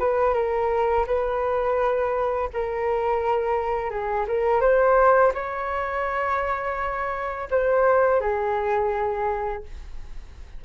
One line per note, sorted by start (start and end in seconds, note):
0.00 0.34 B4
0.34 1.06 A#4
1.07 2.50 B4
2.54 3.91 A#4
3.91 4.26 G#4
4.28 4.61 A#4
4.61 5.33 C5
5.35 7.49 C#5
7.51 8.21 C5
8.21 9.64 G#4